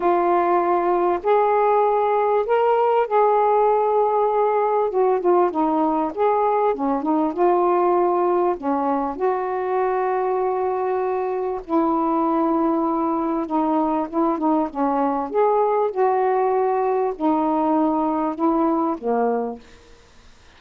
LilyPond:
\new Staff \with { instrumentName = "saxophone" } { \time 4/4 \tempo 4 = 98 f'2 gis'2 | ais'4 gis'2. | fis'8 f'8 dis'4 gis'4 cis'8 dis'8 | f'2 cis'4 fis'4~ |
fis'2. e'4~ | e'2 dis'4 e'8 dis'8 | cis'4 gis'4 fis'2 | dis'2 e'4 ais4 | }